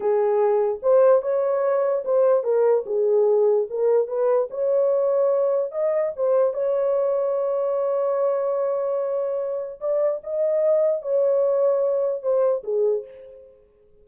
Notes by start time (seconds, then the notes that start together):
0.00 G#4
0.82 C5
1.22 C#5
2.04 C5
2.43 A#4
2.86 G#4
3.70 A#4
4.07 B4
4.50 C#5
5.71 D#5
6.16 C5
6.53 C#5
9.80 D5
10.23 D#5
11.01 C#5
12.22 C5
12.63 G#4